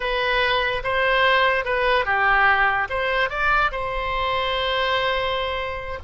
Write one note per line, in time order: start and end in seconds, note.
0.00 0.82 B4
0.83 1.65 C5
1.65 2.05 B4
2.05 2.87 G4
2.89 3.29 C5
3.29 3.71 D5
3.71 5.99 C5